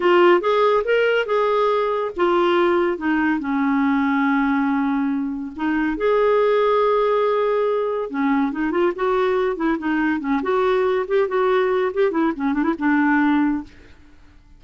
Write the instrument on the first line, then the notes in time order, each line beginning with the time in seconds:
clarinet
0.00 F4
0.40 G#4
0.84 A#4
1.26 G#4
2.16 F4
2.97 D#4
3.39 C#4
5.56 D#4
5.97 G#4
8.10 C#4
8.52 D#4
8.71 F4
8.95 F#4
9.56 E4
9.78 D#4
10.19 C#4
10.42 F#4
11.07 G4
11.28 F#4
11.93 G4
12.11 E4
12.36 C#4
12.53 D4
12.63 E4
12.78 D4